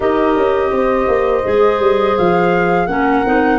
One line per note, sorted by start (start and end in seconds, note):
0.00 0.36 D#4
0.00 1.44 G4
0.00 0.72 A#4
0.00 2.17 D#5
0.36 0.71 C#4
0.71 1.07 C4
0.71 2.90 C5
1.07 1.43 A#3
1.44 1.79 G#3
1.44 2.88 G#4
1.79 2.15 G3
2.17 2.87 F3
2.17 2.86 F5
2.86 3.23 A#3
2.86 3.25 C#4
2.86 3.58 A#4
2.86 3.58 F#5
3.25 3.58 C4
3.25 3.58 D#4